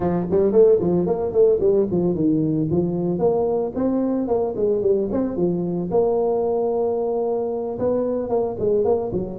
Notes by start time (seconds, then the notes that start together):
0.00 F3
0.30 G3
0.52 A3
0.80 F3
1.06 A#3
1.32 A3
1.60 G3
1.91 F3
2.14 D#3
2.70 F3
3.18 A#3
3.75 C4
4.27 A#3
4.56 G#3
4.81 G3
5.11 C4
5.36 F3
5.91 A#3
7.78 B3
8.29 A#3
8.59 G#3
8.84 A#3
9.12 F#3